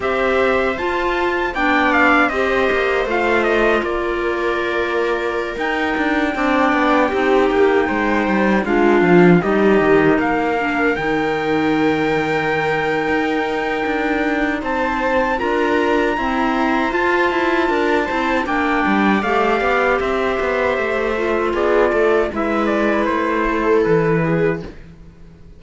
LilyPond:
<<
  \new Staff \with { instrumentName = "trumpet" } { \time 4/4 \tempo 4 = 78 e''4 a''4 g''8 f''8 dis''4 | f''8 dis''8 d''2~ d''16 g''8.~ | g''2.~ g''16 f''8.~ | f''16 dis''4 f''4 g''4.~ g''16~ |
g''2. a''4 | ais''2 a''2 | g''4 f''4 e''2 | d''4 e''8 d''8 c''4 b'4 | }
  \new Staff \with { instrumentName = "viola" } { \time 4/4 c''2 d''4 c''4~ | c''4 ais'2.~ | ais'16 d''4 g'4 c''4 f'8.~ | f'16 g'4 ais'2~ ais'8.~ |
ais'2. c''4 | ais'4 c''2 ais'8 c''8 | d''2 c''2 | gis'8 a'8 b'4. a'4 gis'8 | }
  \new Staff \with { instrumentName = "clarinet" } { \time 4/4 g'4 f'4 d'4 g'4 | f'2.~ f'16 dis'8.~ | dis'16 d'4 dis'2 d'8.~ | d'16 dis'4. d'8 dis'4.~ dis'16~ |
dis'1 | f'4 c'4 f'4. e'8 | d'4 g'2~ g'8 f'8~ | f'4 e'2. | }
  \new Staff \with { instrumentName = "cello" } { \time 4/4 c'4 f'4 b4 c'8 ais8 | a4 ais2~ ais16 dis'8 d'16~ | d'16 c'8 b8 c'8 ais8 gis8 g8 gis8 f16~ | f16 g8 dis8 ais4 dis4.~ dis16~ |
dis4 dis'4 d'4 c'4 | d'4 e'4 f'8 e'8 d'8 c'8 | ais8 g8 a8 b8 c'8 b8 a4 | b8 a8 gis4 a4 e4 | }
>>